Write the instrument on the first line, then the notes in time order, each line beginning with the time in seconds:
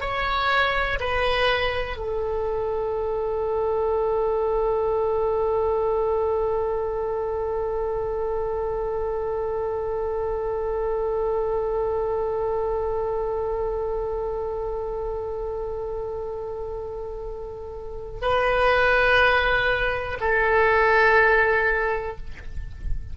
oboe
0.00 C#5
1.00 B4
1.96 A4
18.21 B4
20.20 A4